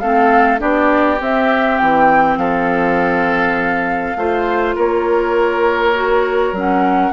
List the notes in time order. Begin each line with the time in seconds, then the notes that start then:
0.00 A3 C4 A4 F5
0.58 B3 D4 G4 D5
1.20 C4 E5
1.78 E3 G5
2.37 F3 A4 F5
4.15 A3 F4 C5
4.75 A#3 A#4 C#5
5.95 F#4
6.52 F#3 C#4 F#5